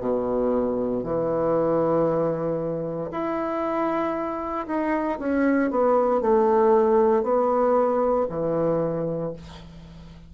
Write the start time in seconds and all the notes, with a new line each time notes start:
0.00 B2
1.03 E3
3.11 E4
4.66 D#4
5.19 C#4
5.70 B3
6.21 A3
7.23 B3
8.29 E3